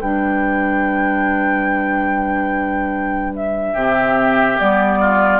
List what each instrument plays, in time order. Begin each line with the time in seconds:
0.00 bassoon G3, clarinet D4, oboe B4, flute G5
3.35 flute E5
3.73 bassoon C3, clarinet C4, oboe G4
4.59 bassoon G3, clarinet B3, flute D5
5.00 oboe F4